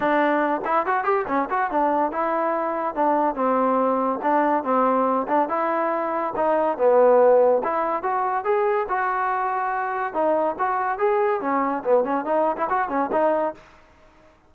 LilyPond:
\new Staff \with { instrumentName = "trombone" } { \time 4/4 \tempo 4 = 142 d'4. e'8 fis'8 g'8 cis'8 fis'8 | d'4 e'2 d'4 | c'2 d'4 c'4~ | c'8 d'8 e'2 dis'4 |
b2 e'4 fis'4 | gis'4 fis'2. | dis'4 fis'4 gis'4 cis'4 | b8 cis'8 dis'8. e'16 fis'8 cis'8 dis'4 | }